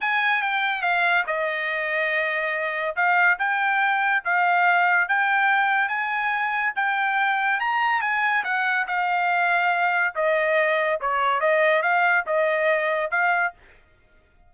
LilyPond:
\new Staff \with { instrumentName = "trumpet" } { \time 4/4 \tempo 4 = 142 gis''4 g''4 f''4 dis''4~ | dis''2. f''4 | g''2 f''2 | g''2 gis''2 |
g''2 ais''4 gis''4 | fis''4 f''2. | dis''2 cis''4 dis''4 | f''4 dis''2 f''4 | }